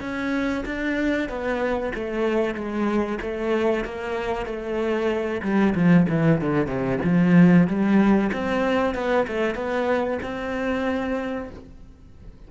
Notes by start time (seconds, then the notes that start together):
0.00 C#4
0.65 D4
1.28 B3
1.94 A3
2.54 G#3
3.21 A3
3.84 A#3
4.45 A3
5.42 G3
5.74 F3
6.09 E3
6.41 D3
6.66 C3
7.04 F3
7.67 G3
8.32 C4
8.94 B3
9.27 A3
9.55 B3
10.22 C4